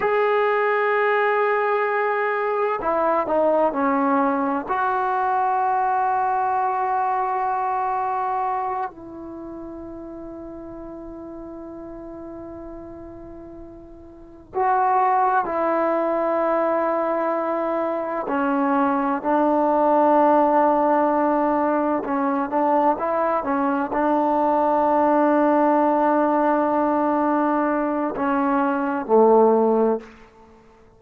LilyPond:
\new Staff \with { instrumentName = "trombone" } { \time 4/4 \tempo 4 = 64 gis'2. e'8 dis'8 | cis'4 fis'2.~ | fis'4. e'2~ e'8~ | e'2.~ e'8 fis'8~ |
fis'8 e'2. cis'8~ | cis'8 d'2. cis'8 | d'8 e'8 cis'8 d'2~ d'8~ | d'2 cis'4 a4 | }